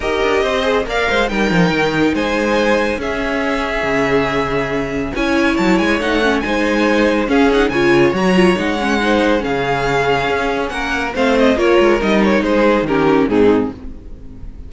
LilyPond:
<<
  \new Staff \with { instrumentName = "violin" } { \time 4/4 \tempo 4 = 140 dis''2 f''4 g''4~ | g''4 gis''2 e''4~ | e''1 | gis''4 a''8 gis''8 fis''4 gis''4~ |
gis''4 f''8 fis''8 gis''4 ais''4 | fis''2 f''2~ | f''4 fis''4 f''8 dis''8 cis''4 | dis''8 cis''8 c''4 ais'4 gis'4 | }
  \new Staff \with { instrumentName = "violin" } { \time 4/4 ais'4 c''4 d''8 c''8 ais'4~ | ais'4 c''2 gis'4~ | gis'1 | cis''2. c''4~ |
c''4 gis'4 cis''2~ | cis''4 c''4 gis'2~ | gis'4 ais'4 c''4 ais'4~ | ais'4 gis'4 g'4 dis'4 | }
  \new Staff \with { instrumentName = "viola" } { \time 4/4 g'4. gis'8 ais'4 dis'4~ | dis'2. cis'4~ | cis'1 | e'2 dis'8 cis'8 dis'4~ |
dis'4 cis'8 dis'8 f'4 fis'8 f'8 | dis'8 cis'8 dis'4 cis'2~ | cis'2 c'4 f'4 | dis'2 cis'4 c'4 | }
  \new Staff \with { instrumentName = "cello" } { \time 4/4 dis'8 d'8 c'4 ais8 gis8 g8 f8 | dis4 gis2 cis'4~ | cis'4 cis2. | cis'4 fis8 gis8 a4 gis4~ |
gis4 cis'4 cis4 fis4 | gis2 cis2 | cis'4 ais4 a4 ais8 gis8 | g4 gis4 dis4 gis,4 | }
>>